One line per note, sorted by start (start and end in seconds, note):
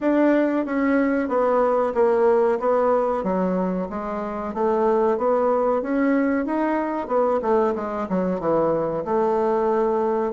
0.01 0.65 D4
0.65 1.28 C#4
1.28 1.93 B3
1.94 2.58 A#3
2.59 3.23 B3
3.23 3.88 F#3
3.89 4.54 G#3
4.54 5.17 A3
5.17 5.82 B3
5.82 6.45 C#4
6.45 7.07 D#4
7.07 7.40 B3
7.42 7.74 A3
7.75 8.07 G#3
8.09 8.40 F#3
8.40 9.04 E3
9.04 10.32 A3